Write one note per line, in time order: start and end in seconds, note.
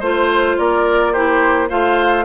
0.00 0.57 A3
0.00 1.15 F4
0.00 0.56 C5
0.00 0.59 C5
0.59 1.71 A#3
0.59 1.12 A#4
0.59 1.13 D5
1.12 1.69 E4
1.12 1.69 G4
1.12 1.69 C5
1.69 2.25 A3
1.69 2.25 F4
1.69 2.25 C5
1.69 2.25 F5